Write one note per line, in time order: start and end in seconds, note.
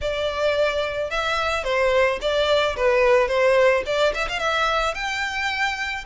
0.01 1.10 D5
1.10 1.64 E5
1.64 2.19 C5
2.21 2.76 D5
2.76 3.28 B4
3.28 3.83 C5
3.85 4.13 D5
4.14 4.28 E5
4.28 4.39 F5
4.39 4.94 E5
4.94 6.04 G5